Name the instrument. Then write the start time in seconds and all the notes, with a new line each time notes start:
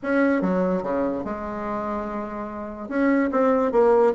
bassoon
0.02 C#4
0.41 F#3
0.83 C#3
1.24 G#3
2.88 C#4
3.31 C4
3.71 A#3